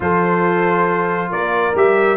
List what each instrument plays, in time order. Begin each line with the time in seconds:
0.00 tuba F3, trombone F4, horn A4, trumpet C5
1.30 tuba A#3, horn A#4, trumpet D5
1.75 tuba G3, trombone G4, trumpet E5